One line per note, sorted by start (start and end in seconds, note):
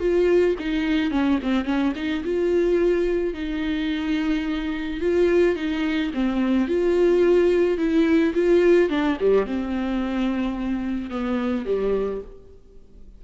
0.00 0.56 F4
0.59 1.11 D#4
1.11 1.39 C#4
1.43 1.65 C4
1.65 1.93 C#4
1.96 2.24 D#4
2.24 3.34 F4
3.34 5.01 D#4
5.01 5.56 F4
5.56 6.12 D#4
6.14 6.68 C4
6.68 7.78 F4
7.78 8.34 E4
8.34 8.90 F4
8.90 9.18 D4
9.20 9.46 G3
9.46 11.10 C4
11.10 11.66 B3
11.66 12.21 G3